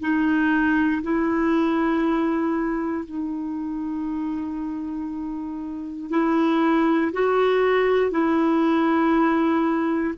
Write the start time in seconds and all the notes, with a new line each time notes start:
0.00 D#4
1.03 E4
3.05 D#4
6.10 E4
7.12 F#4
8.11 E4